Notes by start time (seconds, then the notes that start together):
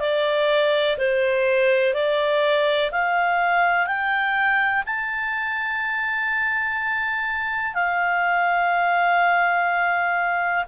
0.00 D5
0.98 C5
1.94 D5
2.92 F5
3.87 G5
4.86 A5
7.75 F5